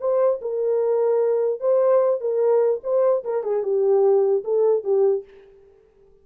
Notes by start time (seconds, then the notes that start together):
0.00 C5
0.41 A#4
1.60 C5
2.21 A#4
2.83 C5
3.24 A#4
3.43 G#4
3.63 G4
4.44 A4
4.84 G4